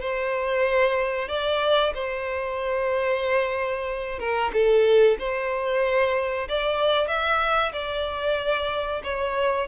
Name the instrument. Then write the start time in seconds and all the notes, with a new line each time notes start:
violin
0.00 C5
1.28 D5
1.94 C5
4.19 A#4
4.53 A4
5.18 C5
6.48 D5
7.07 E5
7.73 D5
9.04 C#5